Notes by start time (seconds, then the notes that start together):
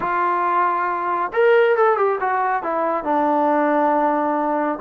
0.00 F4
1.33 A#4
1.76 A4
1.97 G4
2.20 F#4
2.62 E4
3.04 D4